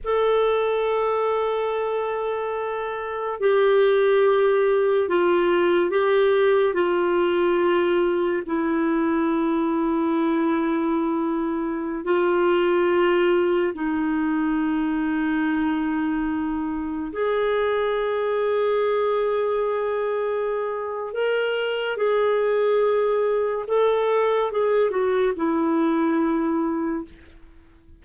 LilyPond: \new Staff \with { instrumentName = "clarinet" } { \time 4/4 \tempo 4 = 71 a'1 | g'2 f'4 g'4 | f'2 e'2~ | e'2~ e'16 f'4.~ f'16~ |
f'16 dis'2.~ dis'8.~ | dis'16 gis'2.~ gis'8.~ | gis'4 ais'4 gis'2 | a'4 gis'8 fis'8 e'2 | }